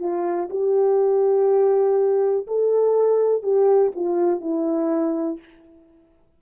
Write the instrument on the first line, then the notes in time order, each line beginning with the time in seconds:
horn
0.00 F4
0.51 G4
2.47 A4
3.43 G4
3.96 F4
4.41 E4